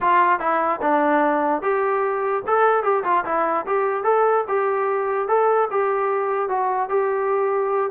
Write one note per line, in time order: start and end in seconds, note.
0.00 0.39 F4
0.39 0.80 E4
0.81 1.61 D4
1.61 2.43 G4
2.46 2.83 A4
2.83 3.03 G4
3.04 3.24 F4
3.25 3.65 E4
3.66 4.03 G4
4.03 4.44 A4
4.47 5.27 G4
5.27 5.68 A4
5.70 6.48 G4
6.48 6.89 F#4
6.89 7.90 G4